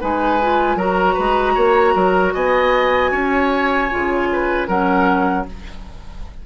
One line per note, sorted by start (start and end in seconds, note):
0.00 0.75 G#3
0.00 0.39 D#4
0.00 0.76 B4
0.00 0.78 G#5
0.41 0.78 F4
0.75 1.14 F#3
0.75 3.90 F#4
0.75 1.13 A#4
0.75 2.34 A#5
1.13 1.55 G#3
1.13 1.52 B4
1.54 1.94 A#3
1.54 1.93 C#5
1.94 2.34 F#3
1.94 2.33 A#4
2.33 3.11 B3
2.33 3.11 D#5
2.33 4.67 G#5
3.11 3.89 C#4
3.11 4.28 C#5
3.90 4.68 C#3
3.90 4.68 F4
4.32 4.67 B4
4.67 5.45 F#3
4.67 5.46 C#4
4.67 5.45 A#4
4.67 5.45 F#5